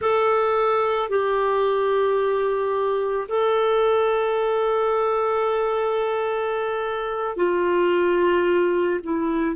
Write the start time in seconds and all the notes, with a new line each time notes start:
0.01 A4
1.09 G4
3.28 A4
7.36 F4
9.02 E4